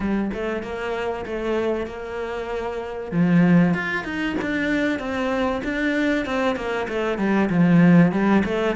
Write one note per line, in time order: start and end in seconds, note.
0.00 0.30 G3
0.33 0.62 A3
0.62 1.25 A#3
1.26 1.86 A3
1.86 3.11 A#3
3.11 3.73 F3
3.73 4.04 F4
4.04 4.35 D#4
4.41 4.99 D4
4.99 5.61 C4
5.64 6.25 D4
6.25 6.56 C4
6.56 6.87 A#3
6.88 7.18 A3
7.18 7.49 G3
7.49 8.12 F3
8.12 8.43 G3
8.45 8.76 A3